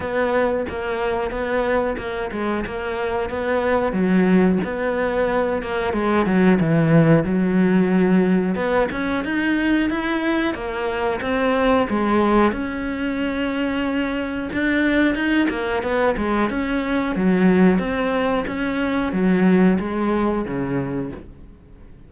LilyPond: \new Staff \with { instrumentName = "cello" } { \time 4/4 \tempo 4 = 91 b4 ais4 b4 ais8 gis8 | ais4 b4 fis4 b4~ | b8 ais8 gis8 fis8 e4 fis4~ | fis4 b8 cis'8 dis'4 e'4 |
ais4 c'4 gis4 cis'4~ | cis'2 d'4 dis'8 ais8 | b8 gis8 cis'4 fis4 c'4 | cis'4 fis4 gis4 cis4 | }